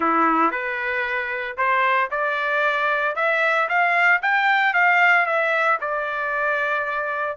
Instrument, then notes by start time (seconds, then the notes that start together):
trumpet
0.00 E4
0.51 B4
1.57 C5
2.10 D5
3.15 E5
3.68 F5
4.22 G5
4.73 F5
5.26 E5
5.81 D5